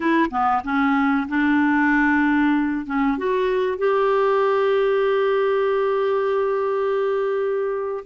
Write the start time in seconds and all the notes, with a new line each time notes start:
0.00 E4
0.30 B3
0.63 C#4
1.28 D4
2.86 C#4
3.18 F#4
3.78 G4